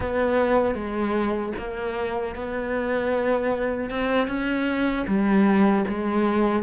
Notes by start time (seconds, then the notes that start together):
0.00 B3
0.74 G#3
1.58 A#3
2.35 B3
3.90 C4
4.27 C#4
5.06 G3
5.88 G#3